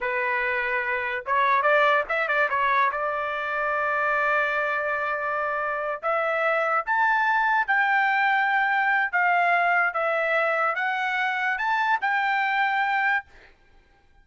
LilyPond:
\new Staff \with { instrumentName = "trumpet" } { \time 4/4 \tempo 4 = 145 b'2. cis''4 | d''4 e''8 d''8 cis''4 d''4~ | d''1~ | d''2~ d''8 e''4.~ |
e''8 a''2 g''4.~ | g''2 f''2 | e''2 fis''2 | a''4 g''2. | }